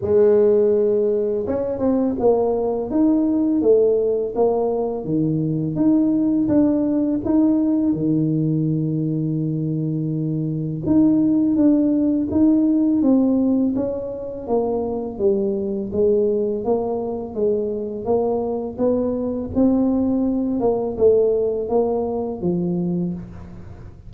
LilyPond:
\new Staff \with { instrumentName = "tuba" } { \time 4/4 \tempo 4 = 83 gis2 cis'8 c'8 ais4 | dis'4 a4 ais4 dis4 | dis'4 d'4 dis'4 dis4~ | dis2. dis'4 |
d'4 dis'4 c'4 cis'4 | ais4 g4 gis4 ais4 | gis4 ais4 b4 c'4~ | c'8 ais8 a4 ais4 f4 | }